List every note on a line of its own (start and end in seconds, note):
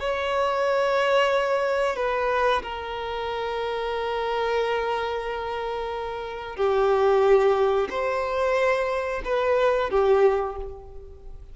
0.00 1.97 C#5
1.97 2.63 B4
2.63 6.57 A#4
6.57 7.89 G4
7.90 9.22 C5
9.25 9.91 B4
9.91 10.56 G4